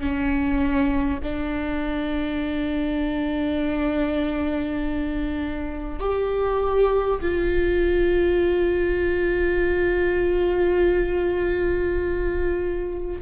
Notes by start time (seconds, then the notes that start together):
0.00 C#4
1.23 D4
6.00 G4
7.21 F4